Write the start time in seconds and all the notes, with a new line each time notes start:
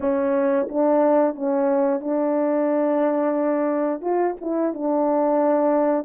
0.00 C#4
0.69 D4
1.35 C#4
2.00 D4
4.01 F4
4.41 E4
4.73 D4